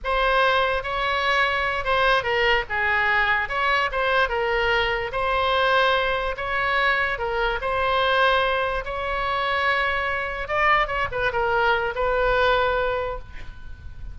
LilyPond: \new Staff \with { instrumentName = "oboe" } { \time 4/4 \tempo 4 = 146 c''2 cis''2~ | cis''8 c''4 ais'4 gis'4.~ | gis'8 cis''4 c''4 ais'4.~ | ais'8 c''2. cis''8~ |
cis''4. ais'4 c''4.~ | c''4. cis''2~ cis''8~ | cis''4. d''4 cis''8 b'8 ais'8~ | ais'4 b'2. | }